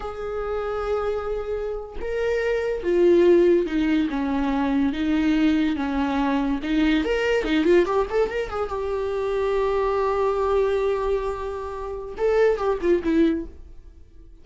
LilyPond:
\new Staff \with { instrumentName = "viola" } { \time 4/4 \tempo 4 = 143 gis'1~ | gis'8. ais'2 f'4~ f'16~ | f'8. dis'4 cis'2 dis'16~ | dis'4.~ dis'16 cis'2 dis'16~ |
dis'8. ais'4 dis'8 f'8 g'8 a'8 ais'16~ | ais'16 gis'8 g'2.~ g'16~ | g'1~ | g'4 a'4 g'8 f'8 e'4 | }